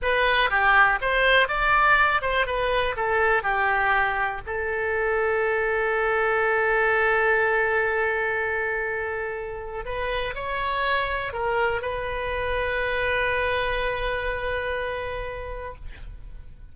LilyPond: \new Staff \with { instrumentName = "oboe" } { \time 4/4 \tempo 4 = 122 b'4 g'4 c''4 d''4~ | d''8 c''8 b'4 a'4 g'4~ | g'4 a'2.~ | a'1~ |
a'1 | b'4 cis''2 ais'4 | b'1~ | b'1 | }